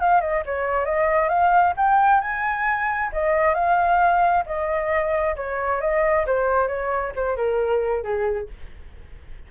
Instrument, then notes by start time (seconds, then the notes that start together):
flute
0.00 F5
0.21 D#5
0.46 C#5
0.85 D#5
1.29 F5
1.77 G5
2.21 G#5
3.13 D#5
3.55 F5
4.46 D#5
5.36 C#5
5.81 D#5
6.26 C5
6.68 C#5
7.16 C5
7.36 A#4
8.03 G#4